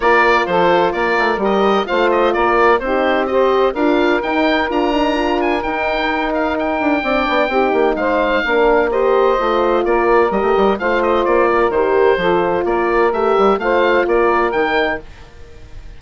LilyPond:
<<
  \new Staff \with { instrumentName = "oboe" } { \time 4/4 \tempo 4 = 128 d''4 c''4 d''4 dis''4 | f''8 dis''8 d''4 c''4 dis''4 | f''4 g''4 ais''4. gis''8 | g''4. f''8 g''2~ |
g''4 f''2 dis''4~ | dis''4 d''4 dis''4 f''8 dis''8 | d''4 c''2 d''4 | e''4 f''4 d''4 g''4 | }
  \new Staff \with { instrumentName = "saxophone" } { \time 4/4 ais'4 a'4 ais'2 | c''4 ais'4 g'4 c''4 | ais'1~ | ais'2. d''4 |
g'4 c''4 ais'4 c''4~ | c''4 ais'2 c''4~ | c''8 ais'4. a'4 ais'4~ | ais'4 c''4 ais'2 | }
  \new Staff \with { instrumentName = "horn" } { \time 4/4 f'2. g'4 | f'2 dis'4 g'4 | f'4 dis'4 f'8 dis'8 f'4 | dis'2. d'4 |
dis'2 d'4 g'4 | f'2 g'4 f'4~ | f'4 g'4 f'2 | g'4 f'2 dis'4 | }
  \new Staff \with { instrumentName = "bassoon" } { \time 4/4 ais4 f4 ais8 a8 g4 | a4 ais4 c'2 | d'4 dis'4 d'2 | dis'2~ dis'8 d'8 c'8 b8 |
c'8 ais8 gis4 ais2 | a4 ais4 g16 a16 g8 a4 | ais4 dis4 f4 ais4 | a8 g8 a4 ais4 dis4 | }
>>